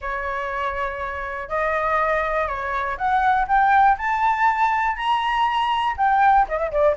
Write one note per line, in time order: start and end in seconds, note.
0.01 1.48 C#5
1.48 2.47 D#5
2.47 2.97 C#5
2.97 3.47 F#5
3.47 3.97 G5
3.97 4.96 A5
4.96 5.95 A#5
5.97 6.46 G5
6.48 6.58 D#5
6.58 6.70 E5
6.71 6.96 D5